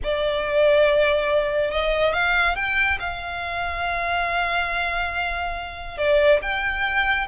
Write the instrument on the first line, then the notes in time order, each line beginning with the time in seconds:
violin
0.03 D5
1.70 D#5
2.13 F5
2.55 G5
2.99 F5
5.97 D5
6.41 G5